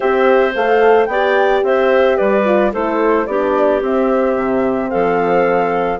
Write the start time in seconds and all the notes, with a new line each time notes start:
0.00 C4 G4 C5 E5
0.55 A3 A4 F5
1.05 B3 D5 G5
1.11 G4
1.63 C4 C5 E5
2.16 G3 B4 D5
2.44 F4
2.72 A3 E4 A4 C5
3.26 B3 D4 G4 D5
3.81 C4 E5
4.35 C3
4.90 F3 A4 F5